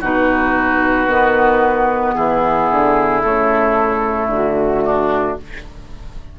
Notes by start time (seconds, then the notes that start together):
0.00 B2 D#4 F#4 B4
1.07 D#3 B3
2.14 E3 E4 G#4
2.70 D3
3.21 C#3 A3 A4
4.26 D3 F#4
4.84 D4